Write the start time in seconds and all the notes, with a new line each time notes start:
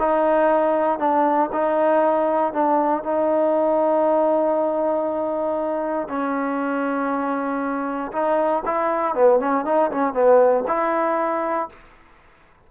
0.00 D#4
0.99 D4
1.53 D#4
2.54 D4
3.04 D#4
6.09 C#4
8.13 D#4
8.66 E4
9.15 B3
9.40 C#4
9.66 D#4
9.91 C#4
10.14 B3
10.68 E4